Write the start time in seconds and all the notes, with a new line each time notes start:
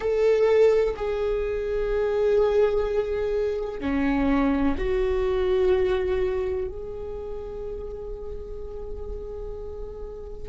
0.00 A4
0.95 G#4
3.80 C#4
4.77 F#4
6.68 G#4